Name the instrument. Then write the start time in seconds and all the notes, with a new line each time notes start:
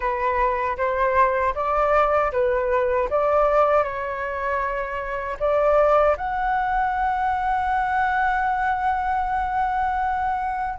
flute
0.00 B4
0.77 C5
1.54 D5
2.31 B4
3.10 D5
3.83 C#5
5.39 D5
6.17 F#5